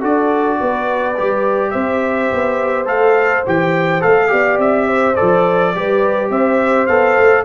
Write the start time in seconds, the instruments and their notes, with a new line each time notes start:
0.00 tuba D4, trombone F#4, horn A4, trumpet D5
0.60 tuba B3, horn B4
1.17 tuba G3, trombone G4
1.70 tuba C4, horn C5, trumpet E5
2.32 tuba B3
2.85 tuba A3, trombone A4, trumpet F5
3.46 tuba E3, trombone G4, trumpet G5
4.00 tuba A3, trombone A4, trumpet F5
4.28 tuba B3, trombone G4, horn D5
4.58 tuba C4, trumpet E5
4.87 horn C5
5.15 tuba F3, trombone A4, trumpet D5
5.75 tuba G3, trombone G4, horn B4
6.30 tuba C4, horn C5, trumpet E5
6.86 tuba B3, trombone A4, trumpet F5
7.18 tuba A3